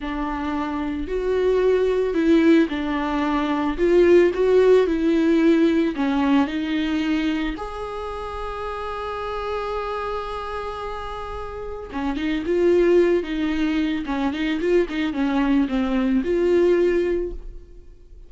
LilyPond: \new Staff \with { instrumentName = "viola" } { \time 4/4 \tempo 4 = 111 d'2 fis'2 | e'4 d'2 f'4 | fis'4 e'2 cis'4 | dis'2 gis'2~ |
gis'1~ | gis'2 cis'8 dis'8 f'4~ | f'8 dis'4. cis'8 dis'8 f'8 dis'8 | cis'4 c'4 f'2 | }